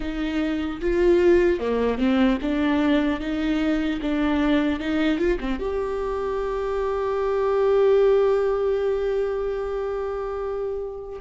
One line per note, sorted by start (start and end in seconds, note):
0.00 0.80 D#4
0.80 1.59 F4
1.59 1.98 A#3
1.98 2.38 C4
2.41 3.20 D4
3.20 4.00 D#4
4.01 4.79 D4
4.79 5.18 D#4
5.18 5.38 F4
5.40 5.59 C4
5.59 11.19 G4